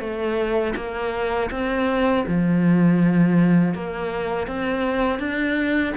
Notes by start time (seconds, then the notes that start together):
0.00 A3
0.76 A#3
1.51 C4
2.27 F3
3.74 A#3
4.47 C4
5.20 D4